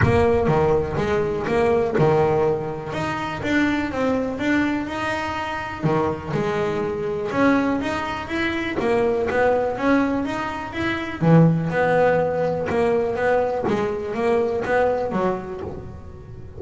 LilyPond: \new Staff \with { instrumentName = "double bass" } { \time 4/4 \tempo 4 = 123 ais4 dis4 gis4 ais4 | dis2 dis'4 d'4 | c'4 d'4 dis'2 | dis4 gis2 cis'4 |
dis'4 e'4 ais4 b4 | cis'4 dis'4 e'4 e4 | b2 ais4 b4 | gis4 ais4 b4 fis4 | }